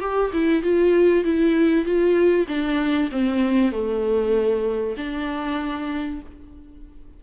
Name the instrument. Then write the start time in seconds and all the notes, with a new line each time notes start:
viola
0.00 G4
0.33 E4
0.62 F4
1.24 E4
1.84 F4
2.48 D4
3.11 C4
3.71 A3
4.97 D4